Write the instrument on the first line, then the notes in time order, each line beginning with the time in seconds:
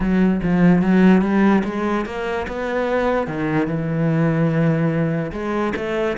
cello
0.00 F#3
0.42 F3
0.82 F#3
1.21 G3
1.64 G#3
2.05 A#3
2.47 B3
3.27 D#3
3.67 E3
5.32 G#3
5.76 A3